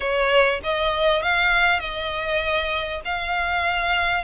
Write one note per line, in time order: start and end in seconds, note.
0.00 0.60 C#5
0.63 1.22 D#5
1.22 1.79 F5
1.79 3.00 D#5
3.05 4.23 F5